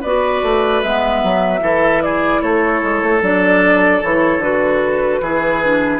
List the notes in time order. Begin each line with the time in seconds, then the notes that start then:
0.00 B3 F#4 B4 D5
0.42 A3
0.82 G#3 B3 E5
1.23 F#3
1.59 E3 E4 A4
2.01 G#4 D5
2.41 A3 A4 C#5
2.83 G#3
3.02 A3
3.21 F#3 D4 D5
4.03 E3 E4 C#5
4.38 D3 F#4 B4
5.21 E3 E4 G#4
5.63 D4